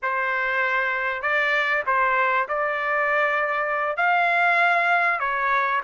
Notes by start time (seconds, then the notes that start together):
0.02 C5
1.22 D5
1.86 C5
2.48 D5
3.97 F5
5.19 C#5